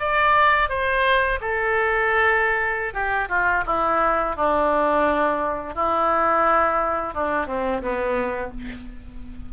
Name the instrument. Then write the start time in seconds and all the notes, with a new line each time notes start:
oboe
0.00 D5
0.70 C5
1.41 A4
2.94 G4
3.29 F4
3.67 E4
4.36 D4
5.75 E4
7.14 D4
7.47 C4
7.82 B3